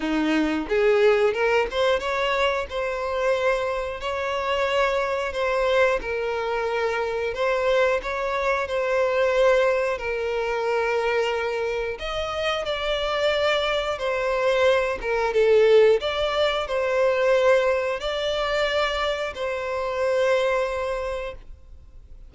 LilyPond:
\new Staff \with { instrumentName = "violin" } { \time 4/4 \tempo 4 = 90 dis'4 gis'4 ais'8 c''8 cis''4 | c''2 cis''2 | c''4 ais'2 c''4 | cis''4 c''2 ais'4~ |
ais'2 dis''4 d''4~ | d''4 c''4. ais'8 a'4 | d''4 c''2 d''4~ | d''4 c''2. | }